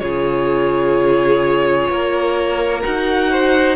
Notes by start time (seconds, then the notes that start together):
0.00 C#3 F4 G#4 C#5
1.90 A#3 A#4
2.83 D#4 F#4 F#5
3.31 C5